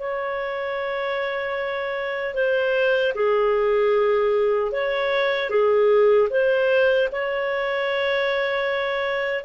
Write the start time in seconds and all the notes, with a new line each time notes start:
0.00 C#5
2.35 C5
3.15 G#4
4.72 C#5
5.50 G#4
6.30 C5
7.12 C#5